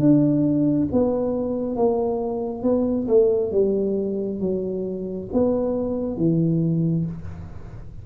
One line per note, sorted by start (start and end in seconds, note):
0.00 0.88 D4
0.92 1.76 B3
1.76 2.63 A#3
2.63 3.07 B3
3.08 3.52 A3
3.52 4.40 G3
4.40 5.29 F#3
5.33 6.17 B3
6.17 7.05 E3